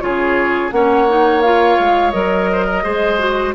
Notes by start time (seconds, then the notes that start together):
0.00 C#3 F4 G#4 C#5
0.71 A#3 C#4 C#5 F#5
1.08 D#4
1.41 F4 F5
1.79 G#3
2.11 F#3 A#4 D#5
2.52 C5
2.65 A#4
2.84 G#3 G#4 C5
3.19 F#4